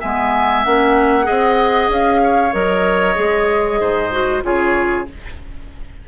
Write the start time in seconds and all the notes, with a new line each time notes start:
0.00 G#3 B3 E5 G#5
0.64 A#3 C#4 F#5
1.23 C4 G#4 D#5
1.88 C#4 F5
2.23 C#5
2.52 F#3 A#4 D#5
3.15 G#3 G#4
3.80 G#2 C5
4.11 F#4
4.42 C#3 F4 G#4 C#5